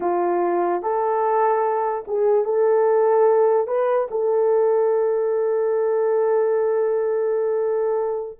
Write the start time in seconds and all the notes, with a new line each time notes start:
0.00 F4
0.82 A4
2.07 G#4
2.44 A4
3.67 B4
4.10 A4